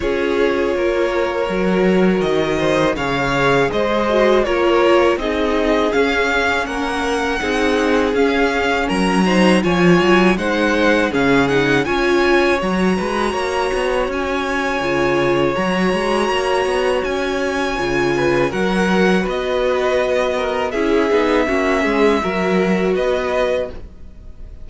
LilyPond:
<<
  \new Staff \with { instrumentName = "violin" } { \time 4/4 \tempo 4 = 81 cis''2. dis''4 | f''4 dis''4 cis''4 dis''4 | f''4 fis''2 f''4 | ais''4 gis''4 fis''4 f''8 fis''8 |
gis''4 ais''2 gis''4~ | gis''4 ais''2 gis''4~ | gis''4 fis''4 dis''2 | e''2. dis''4 | }
  \new Staff \with { instrumentName = "violin" } { \time 4/4 gis'4 ais'2~ ais'8 c''8 | cis''4 c''4 ais'4 gis'4~ | gis'4 ais'4 gis'2 | ais'8 c''8 cis''4 c''4 gis'4 |
cis''4. b'8 cis''2~ | cis''1~ | cis''8 b'8 ais'4 b'4. ais'8 | gis'4 fis'8 gis'8 ais'4 b'4 | }
  \new Staff \with { instrumentName = "viola" } { \time 4/4 f'2 fis'2 | gis'4. fis'8 f'4 dis'4 | cis'2 dis'4 cis'4~ | cis'8 dis'8 f'4 dis'4 cis'8 dis'8 |
f'4 fis'2. | f'4 fis'2. | f'4 fis'2. | e'8 dis'8 cis'4 fis'2 | }
  \new Staff \with { instrumentName = "cello" } { \time 4/4 cis'4 ais4 fis4 dis4 | cis4 gis4 ais4 c'4 | cis'4 ais4 c'4 cis'4 | fis4 f8 fis8 gis4 cis4 |
cis'4 fis8 gis8 ais8 b8 cis'4 | cis4 fis8 gis8 ais8 b8 cis'4 | cis4 fis4 b2 | cis'8 b8 ais8 gis8 fis4 b4 | }
>>